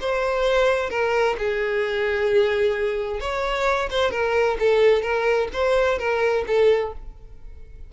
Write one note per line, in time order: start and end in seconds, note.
0.00 0.90 C5
0.90 1.36 A#4
1.38 3.20 G#4
3.20 3.89 C#5
3.90 4.11 C5
4.11 4.57 A#4
4.59 5.02 A4
5.02 5.48 A#4
5.53 5.98 C5
5.98 6.44 A#4
6.47 6.93 A4